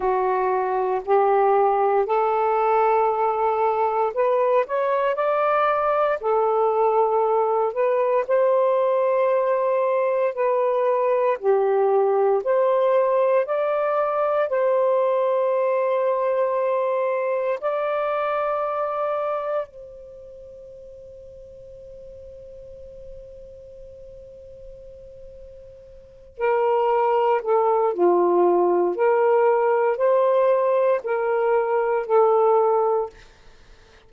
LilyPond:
\new Staff \with { instrumentName = "saxophone" } { \time 4/4 \tempo 4 = 58 fis'4 g'4 a'2 | b'8 cis''8 d''4 a'4. b'8 | c''2 b'4 g'4 | c''4 d''4 c''2~ |
c''4 d''2 c''4~ | c''1~ | c''4. ais'4 a'8 f'4 | ais'4 c''4 ais'4 a'4 | }